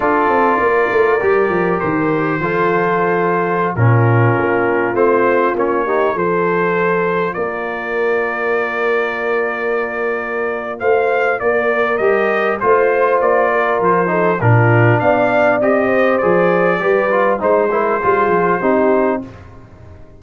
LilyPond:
<<
  \new Staff \with { instrumentName = "trumpet" } { \time 4/4 \tempo 4 = 100 d''2. c''4~ | c''2~ c''16 ais'4.~ ais'16~ | ais'16 c''4 cis''4 c''4.~ c''16~ | c''16 d''2.~ d''8.~ |
d''2 f''4 d''4 | dis''4 c''4 d''4 c''4 | ais'4 f''4 dis''4 d''4~ | d''4 c''2. | }
  \new Staff \with { instrumentName = "horn" } { \time 4/4 a'4 ais'2. | a'2~ a'16 f'4.~ f'16~ | f'4.~ f'16 g'8 a'4.~ a'16~ | a'16 ais'2.~ ais'8.~ |
ais'2 c''4 ais'4~ | ais'4 c''4. ais'4 a'8 | f'4 d''4. c''4. | b'4 c''8 ais'8 gis'4 g'4 | }
  \new Staff \with { instrumentName = "trombone" } { \time 4/4 f'2 g'2 | f'2~ f'16 cis'4.~ cis'16~ | cis'16 c'4 cis'8 dis'8 f'4.~ f'16~ | f'1~ |
f'1 | g'4 f'2~ f'8 dis'8 | d'2 g'4 gis'4 | g'8 f'8 dis'8 e'8 f'4 dis'4 | }
  \new Staff \with { instrumentName = "tuba" } { \time 4/4 d'8 c'8 ais8 a8 g8 f8 dis4 | f2~ f16 ais,4 ais8.~ | ais16 a4 ais4 f4.~ f16~ | f16 ais2.~ ais8.~ |
ais2 a4 ais4 | g4 a4 ais4 f4 | ais,4 b4 c'4 f4 | g4 gis4 g8 f8 c'4 | }
>>